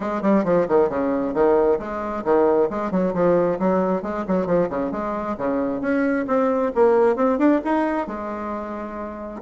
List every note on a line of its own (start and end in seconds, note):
0.00 0.22 G#3
0.22 0.44 G3
0.44 0.66 F3
0.68 0.89 D#3
0.89 1.34 C#3
1.34 1.78 D#3
1.79 2.23 G#3
2.24 2.69 D#3
2.70 2.91 G#3
2.91 3.13 F#3
3.13 3.58 F3
3.59 4.02 F#3
4.02 4.24 G#3
4.27 4.46 F#3
4.46 4.68 F3
4.69 4.91 C#3
4.91 5.36 G#3
5.37 5.81 C#3
5.81 6.26 C#4
6.27 6.72 C4
6.74 7.16 A#3
7.16 7.38 C4
7.38 7.60 D4
7.64 8.07 D#4
8.07 9.41 G#3